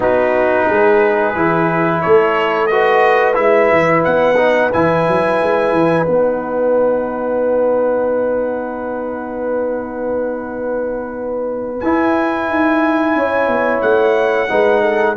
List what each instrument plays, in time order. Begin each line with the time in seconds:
0.00 tuba B3, trombone D#4, horn F#4, trumpet B4
0.66 tuba G#3, horn G#4
1.35 tuba E3, trombone E4
2.01 tuba A3, horn A4, trumpet C#5
2.66 trombone F#4, horn B4, trumpet D#5
3.34 tuba G#3, trombone E4, trumpet E5
3.71 tuba E3
4.04 tuba B3, trumpet F#5
4.36 trombone D#4
4.72 tuba E3, trombone E4, trumpet G#5
5.08 tuba F#3
5.42 tuba G#3
5.72 tuba E3
6.05 tuba B3, trombone D#4, trumpet F#5
11.80 tuba E4, trombone E4, trumpet G#5
12.48 tuba D#4
13.15 tuba C#4, horn C#5
13.47 tuba B3
13.81 tuba A3, trumpet F#5
14.48 tuba G#3, trombone D#4, horn B4
14.81 horn A4